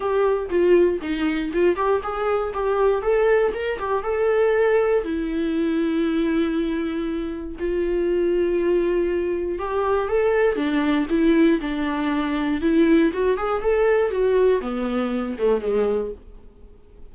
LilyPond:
\new Staff \with { instrumentName = "viola" } { \time 4/4 \tempo 4 = 119 g'4 f'4 dis'4 f'8 g'8 | gis'4 g'4 a'4 ais'8 g'8 | a'2 e'2~ | e'2. f'4~ |
f'2. g'4 | a'4 d'4 e'4 d'4~ | d'4 e'4 fis'8 gis'8 a'4 | fis'4 b4. a8 gis4 | }